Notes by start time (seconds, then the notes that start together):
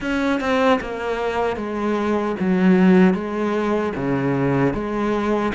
0.00 C#4
0.40 C4
0.80 A#3
1.56 G#3
2.39 F#3
3.14 G#3
3.95 C#3
4.73 G#3